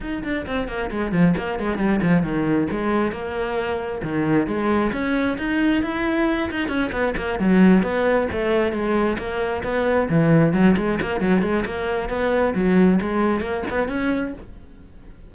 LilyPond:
\new Staff \with { instrumentName = "cello" } { \time 4/4 \tempo 4 = 134 dis'8 d'8 c'8 ais8 gis8 f8 ais8 gis8 | g8 f8 dis4 gis4 ais4~ | ais4 dis4 gis4 cis'4 | dis'4 e'4. dis'8 cis'8 b8 |
ais8 fis4 b4 a4 gis8~ | gis8 ais4 b4 e4 fis8 | gis8 ais8 fis8 gis8 ais4 b4 | fis4 gis4 ais8 b8 cis'4 | }